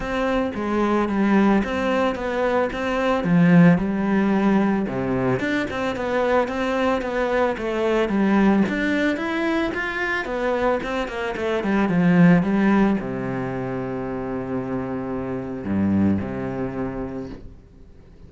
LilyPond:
\new Staff \with { instrumentName = "cello" } { \time 4/4 \tempo 4 = 111 c'4 gis4 g4 c'4 | b4 c'4 f4 g4~ | g4 c4 d'8 c'8 b4 | c'4 b4 a4 g4 |
d'4 e'4 f'4 b4 | c'8 ais8 a8 g8 f4 g4 | c1~ | c4 g,4 c2 | }